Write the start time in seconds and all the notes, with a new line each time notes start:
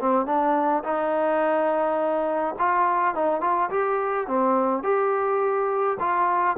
0.00 C4
0.26 D4
0.84 D#4
2.59 F4
3.15 D#4
3.41 F4
3.70 G4
4.27 C4
4.83 G4
5.99 F4